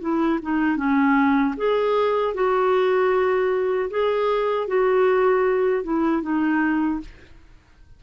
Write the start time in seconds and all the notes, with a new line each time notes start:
0.00 E4
0.42 D#4
0.77 C#4
1.57 G#4
2.34 F#4
3.90 G#4
4.67 F#4
5.83 E4
6.22 D#4